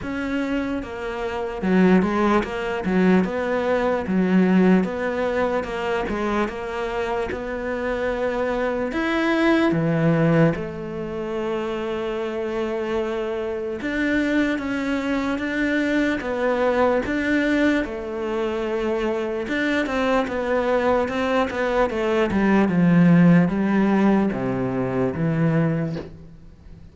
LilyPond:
\new Staff \with { instrumentName = "cello" } { \time 4/4 \tempo 4 = 74 cis'4 ais4 fis8 gis8 ais8 fis8 | b4 fis4 b4 ais8 gis8 | ais4 b2 e'4 | e4 a2.~ |
a4 d'4 cis'4 d'4 | b4 d'4 a2 | d'8 c'8 b4 c'8 b8 a8 g8 | f4 g4 c4 e4 | }